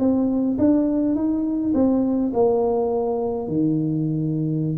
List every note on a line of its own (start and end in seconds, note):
0.00 0.58 C4
0.59 1.16 D4
1.16 1.73 D#4
1.75 2.32 C4
2.34 3.48 A#3
3.48 4.78 D#3